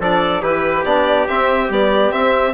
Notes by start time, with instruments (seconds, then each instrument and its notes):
0.00 bassoon F3, trombone D4, trumpet A4, violin D5
0.42 bassoon E3, trombone E4, trumpet G4, violin B4
0.85 bassoon B3, trombone D4, violin D5
1.28 trombone C4, bassoon C4, violin E5
1.70 trombone G3, bassoon B3, violin D5
2.11 trombone C4, bassoon C4, violin E5